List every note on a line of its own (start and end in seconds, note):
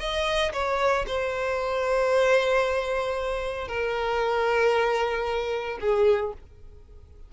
0.00 0.53 D#5
0.53 1.06 C#5
1.07 3.68 C5
3.68 5.79 A#4
5.81 6.33 G#4